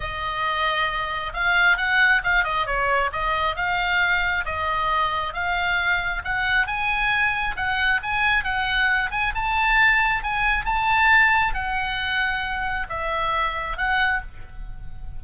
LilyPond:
\new Staff \with { instrumentName = "oboe" } { \time 4/4 \tempo 4 = 135 dis''2. f''4 | fis''4 f''8 dis''8 cis''4 dis''4 | f''2 dis''2 | f''2 fis''4 gis''4~ |
gis''4 fis''4 gis''4 fis''4~ | fis''8 gis''8 a''2 gis''4 | a''2 fis''2~ | fis''4 e''2 fis''4 | }